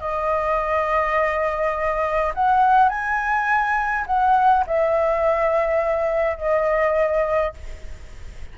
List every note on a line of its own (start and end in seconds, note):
0.00 2.33 D#5
2.34 2.89 F#5
2.89 4.05 G#5
4.06 4.65 F#5
4.67 6.38 E5
6.38 7.54 D#5